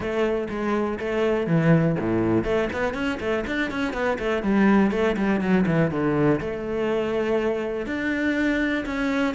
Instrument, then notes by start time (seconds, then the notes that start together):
cello
0.00 A3
0.49 G#3
0.99 A3
1.46 E3
1.99 A2
2.44 A3
2.73 B3
2.94 C#4
3.20 A3
3.46 D4
3.70 C#4
3.93 B3
4.18 A3
4.42 G3
4.91 A3
5.16 G3
5.40 F#3
5.66 E3
5.90 D3
6.40 A3
7.86 D4
8.85 C#4